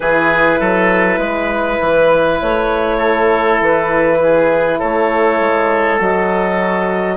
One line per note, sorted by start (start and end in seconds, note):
0.00 0.59 E3
0.00 5.99 E4
0.00 0.59 G#4
0.00 2.40 B4
0.59 1.18 F#3
0.59 1.19 A4
1.18 1.78 G#3
1.18 2.97 B4
1.80 2.40 E3
2.41 3.60 A3
2.41 3.61 C#5
2.97 4.17 A4
3.60 4.80 E3
3.60 4.80 B4
4.23 4.79 G#4
4.79 5.40 A3
4.79 7.16 A4
4.79 6.00 C#5
5.40 6.00 G#3
5.99 7.16 F#3
5.99 7.16 F#4
5.99 7.16 D#5